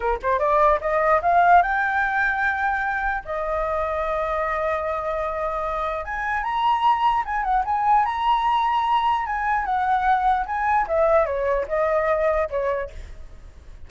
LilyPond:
\new Staff \with { instrumentName = "flute" } { \time 4/4 \tempo 4 = 149 ais'8 c''8 d''4 dis''4 f''4 | g''1 | dis''1~ | dis''2. gis''4 |
ais''2 gis''8 fis''8 gis''4 | ais''2. gis''4 | fis''2 gis''4 e''4 | cis''4 dis''2 cis''4 | }